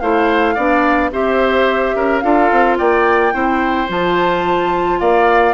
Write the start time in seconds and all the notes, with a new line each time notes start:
0.00 A3 E4 C5 F5
0.55 B3 D4 D5
1.12 C4 G4 C5 E5
1.95 C#4 A#4
2.20 D4 F4 A4 F5
2.51 C4
2.78 A#3 D5 G5
3.32 C4 E4 C5
3.88 F3 F4 A5
5.00 A#3 D5 F5